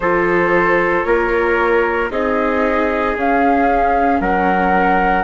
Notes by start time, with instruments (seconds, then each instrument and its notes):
0.00 bassoon F3, viola F4, trumpet A4, flute C5
1.03 bassoon A#3, trumpet A#4, flute C#5
2.10 bassoon C4, viola D#4, trumpet G#4, flute D#5
3.16 bassoon C#4, viola C#4, flute F5
4.20 bassoon F#3, trumpet A#4, flute F#5